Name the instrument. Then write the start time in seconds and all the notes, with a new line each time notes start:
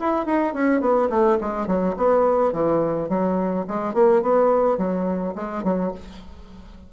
bassoon
0.00 E4
0.26 D#4
0.54 C#4
0.81 B3
1.10 A3
1.41 G#3
1.67 F#3
1.97 B3
2.52 E3
3.09 F#3
3.68 G#3
3.94 A#3
4.22 B3
4.78 F#3
5.35 G#3
5.64 F#3